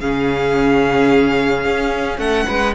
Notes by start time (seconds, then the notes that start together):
0.00 C#3 C#4 G#4 F5
1.65 C#4
2.17 A3 A4 F#5
2.47 G#3 B4